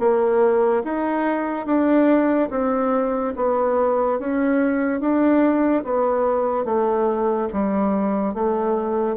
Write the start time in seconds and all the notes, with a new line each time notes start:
0.00 A#3
0.84 D#4
1.66 D4
2.51 C4
3.36 B3
4.20 C#4
5.01 D4
5.84 B3
6.65 A3
7.53 G3
8.34 A3